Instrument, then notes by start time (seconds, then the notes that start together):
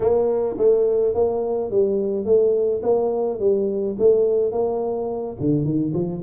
tuba
0.00 A#3
0.57 A3
1.14 A#3
1.71 G3
2.25 A3
2.83 A#3
3.39 G3
3.99 A3
4.52 A#3
5.40 D3
5.64 D#3
5.94 F3